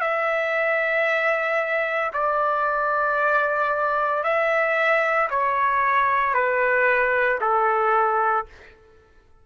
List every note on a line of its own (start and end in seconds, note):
0.00 2.11 E5
2.13 4.23 D5
4.23 5.29 E5
5.30 6.33 C#5
6.33 7.39 B4
7.40 8.45 A4